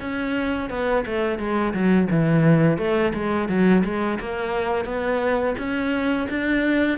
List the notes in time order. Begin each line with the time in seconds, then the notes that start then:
0.00 C#4
0.70 B3
1.06 A3
1.39 G#3
1.74 F#3
2.10 E3
2.78 A3
3.14 G#3
3.49 F#3
3.84 G#3
4.20 A#3
4.85 B3
5.58 C#4
6.29 D4